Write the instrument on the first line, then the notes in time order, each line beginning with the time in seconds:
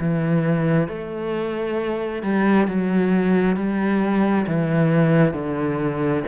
cello
0.00 E3
0.88 A3
2.23 G3
2.67 F#3
3.57 G3
4.47 E3
5.34 D3